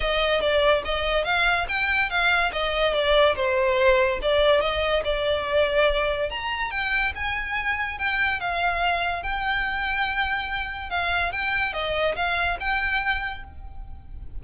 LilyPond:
\new Staff \with { instrumentName = "violin" } { \time 4/4 \tempo 4 = 143 dis''4 d''4 dis''4 f''4 | g''4 f''4 dis''4 d''4 | c''2 d''4 dis''4 | d''2. ais''4 |
g''4 gis''2 g''4 | f''2 g''2~ | g''2 f''4 g''4 | dis''4 f''4 g''2 | }